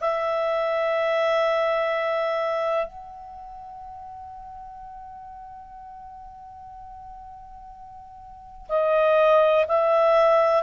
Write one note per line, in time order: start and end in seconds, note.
0.00 2.86 E5
2.86 8.67 F#5
8.68 9.65 D#5
9.67 10.62 E5